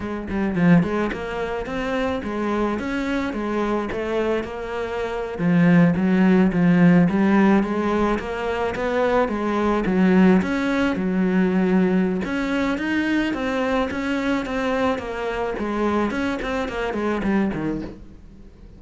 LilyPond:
\new Staff \with { instrumentName = "cello" } { \time 4/4 \tempo 4 = 108 gis8 g8 f8 gis8 ais4 c'4 | gis4 cis'4 gis4 a4 | ais4.~ ais16 f4 fis4 f16~ | f8. g4 gis4 ais4 b16~ |
b8. gis4 fis4 cis'4 fis16~ | fis2 cis'4 dis'4 | c'4 cis'4 c'4 ais4 | gis4 cis'8 c'8 ais8 gis8 g8 dis8 | }